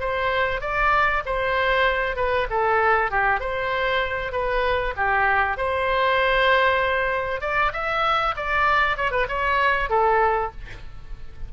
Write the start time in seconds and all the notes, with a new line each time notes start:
0.00 C5
0.61 D5
1.26 C5
2.16 B4
2.50 A4
3.11 G4
3.40 C5
4.32 B4
4.97 G4
5.57 C5
7.41 D5
7.73 E5
8.36 D5
8.97 C#5
9.11 B4
9.29 C#5
9.90 A4